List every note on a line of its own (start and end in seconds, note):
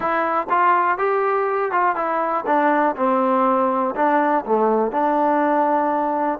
0.00 0.47 E4
0.49 0.97 F4
0.97 1.71 G4
1.71 1.95 F4
1.95 2.45 E4
2.46 2.95 D4
2.96 3.94 C4
3.95 4.44 D4
4.45 4.91 A3
4.91 6.39 D4